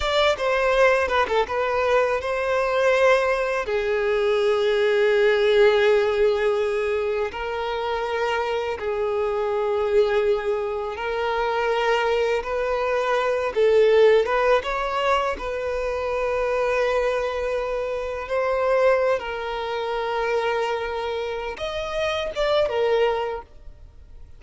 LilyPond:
\new Staff \with { instrumentName = "violin" } { \time 4/4 \tempo 4 = 82 d''8 c''4 b'16 a'16 b'4 c''4~ | c''4 gis'2.~ | gis'2 ais'2 | gis'2. ais'4~ |
ais'4 b'4. a'4 b'8 | cis''4 b'2.~ | b'4 c''4~ c''16 ais'4.~ ais'16~ | ais'4. dis''4 d''8 ais'4 | }